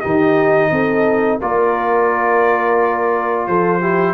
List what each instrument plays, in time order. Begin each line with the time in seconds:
0.00 tuba D#3, trombone D#4, horn G4, trumpet D#5
0.70 tuba C4, horn A4
1.39 tuba A#3, trombone F4, horn A#4, trumpet D5
3.47 tuba F3, horn A4, trumpet C5
3.80 trombone E4, horn G4